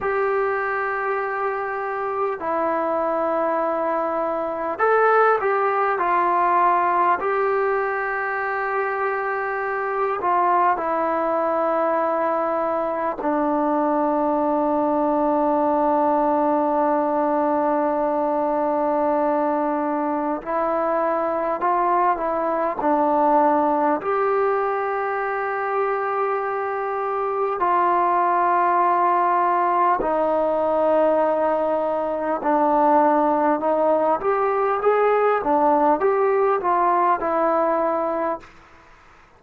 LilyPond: \new Staff \with { instrumentName = "trombone" } { \time 4/4 \tempo 4 = 50 g'2 e'2 | a'8 g'8 f'4 g'2~ | g'8 f'8 e'2 d'4~ | d'1~ |
d'4 e'4 f'8 e'8 d'4 | g'2. f'4~ | f'4 dis'2 d'4 | dis'8 g'8 gis'8 d'8 g'8 f'8 e'4 | }